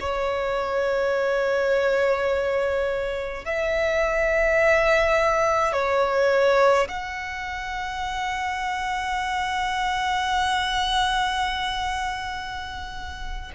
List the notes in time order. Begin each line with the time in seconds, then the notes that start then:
0.00 C#5
3.45 E5
5.72 C#5
6.88 F#5